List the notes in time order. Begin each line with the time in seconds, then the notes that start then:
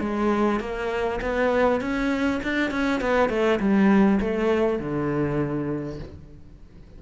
0.00 G#3
0.60 A#3
1.21 B3
1.81 C#4
2.43 D4
2.71 C#4
3.01 B3
3.29 A3
3.59 G3
4.20 A3
4.79 D3